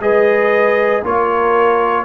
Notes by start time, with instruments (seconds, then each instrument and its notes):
0.00 tuba G#3, trombone G#4, horn B4, trumpet D#5
1.04 tuba A#3, trombone F4, horn A#4, trumpet C#5